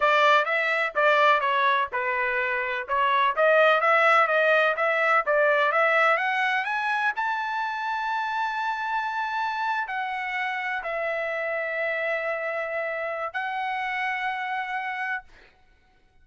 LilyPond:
\new Staff \with { instrumentName = "trumpet" } { \time 4/4 \tempo 4 = 126 d''4 e''4 d''4 cis''4 | b'2 cis''4 dis''4 | e''4 dis''4 e''4 d''4 | e''4 fis''4 gis''4 a''4~ |
a''1~ | a''8. fis''2 e''4~ e''16~ | e''1 | fis''1 | }